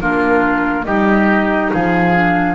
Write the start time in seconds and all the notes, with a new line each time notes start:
0.00 A#3 D4 F4 A#4
0.84 G3 D#4 G4 D#5
1.72 F3 G#4 F5
2.14 D4